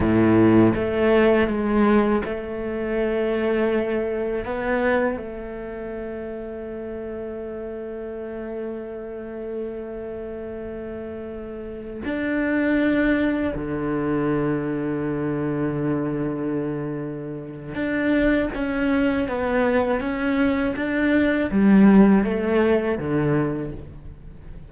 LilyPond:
\new Staff \with { instrumentName = "cello" } { \time 4/4 \tempo 4 = 81 a,4 a4 gis4 a4~ | a2 b4 a4~ | a1~ | a1~ |
a16 d'2 d4.~ d16~ | d1 | d'4 cis'4 b4 cis'4 | d'4 g4 a4 d4 | }